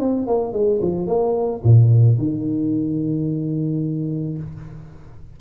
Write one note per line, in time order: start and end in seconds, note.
0.00 0.27 C4
0.27 0.53 A#3
0.53 0.81 G#3
0.82 1.07 F3
1.07 1.62 A#3
1.64 2.18 A#2
2.18 4.38 D#3